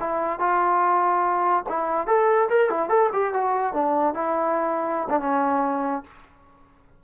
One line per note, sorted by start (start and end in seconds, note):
0.00 0.40 E4
0.40 1.65 F4
1.69 2.07 E4
2.07 2.49 A4
2.50 2.70 A#4
2.70 2.89 E4
2.89 3.10 A4
3.13 3.34 G4
3.34 3.74 F#4
3.74 4.15 D4
4.15 5.08 E4
5.10 5.20 D4
5.20 6.04 C#4